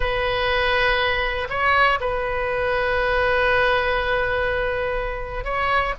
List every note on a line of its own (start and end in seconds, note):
0.00 1.47 B4
1.49 1.99 C#5
2.00 5.44 B4
5.44 5.94 C#5